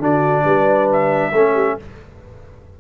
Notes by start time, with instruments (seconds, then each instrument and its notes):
0.00 tuba D3, trombone D4, horn F#4, trumpet D5
0.44 tuba G3, horn B4
0.93 trumpet E5
1.33 tuba A3, trombone C#4, horn A4
1.54 horn G4